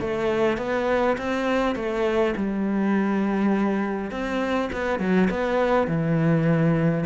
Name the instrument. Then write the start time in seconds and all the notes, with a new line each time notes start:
cello
0.00 A3
0.57 B3
1.18 C4
1.75 A3
2.36 G3
4.11 C4
4.72 B3
4.99 F#3
5.30 B3
5.87 E3